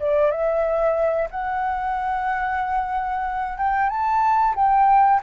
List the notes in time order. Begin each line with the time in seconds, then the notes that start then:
0.00 D5
0.31 E5
1.31 F#5
3.58 G5
3.90 A5
4.56 G5